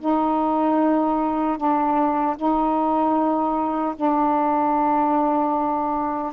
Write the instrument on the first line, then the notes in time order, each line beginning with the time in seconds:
saxophone
0.00 D#4
1.58 D4
2.37 D#4
3.96 D4